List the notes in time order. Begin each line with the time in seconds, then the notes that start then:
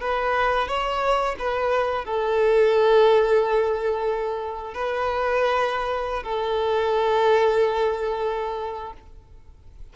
0.00 B4
0.68 C#5
1.39 B4
2.04 A4
4.73 B4
6.23 A4